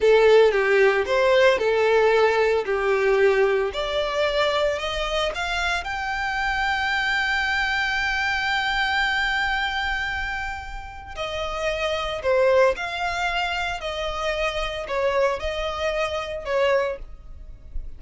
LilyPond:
\new Staff \with { instrumentName = "violin" } { \time 4/4 \tempo 4 = 113 a'4 g'4 c''4 a'4~ | a'4 g'2 d''4~ | d''4 dis''4 f''4 g''4~ | g''1~ |
g''1~ | g''4 dis''2 c''4 | f''2 dis''2 | cis''4 dis''2 cis''4 | }